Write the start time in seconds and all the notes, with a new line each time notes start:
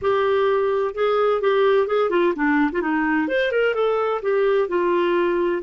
0.01 G4
0.94 G#4
1.41 G4
1.87 G#4
2.10 F4
2.35 D4
2.71 F4
2.81 D#4
3.28 C5
3.51 A#4
3.74 A4
4.22 G4
4.68 F4